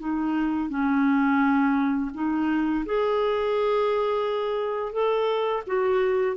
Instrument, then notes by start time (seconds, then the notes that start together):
clarinet
0.00 D#4
0.70 C#4
2.14 D#4
2.86 G#4
4.93 A4
5.67 F#4